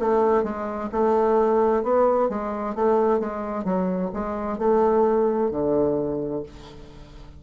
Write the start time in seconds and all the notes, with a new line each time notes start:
0.00 A3
0.44 G#3
0.92 A3
1.83 B3
2.29 G#3
2.76 A3
3.20 G#3
3.65 F#3
4.14 G#3
4.59 A3
5.51 D3